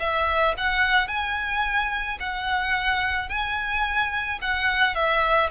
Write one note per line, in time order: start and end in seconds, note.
0.00 0.55 E5
0.58 1.08 F#5
1.08 2.18 G#5
2.20 3.30 F#5
3.30 4.40 G#5
4.42 4.95 F#5
4.95 5.50 E5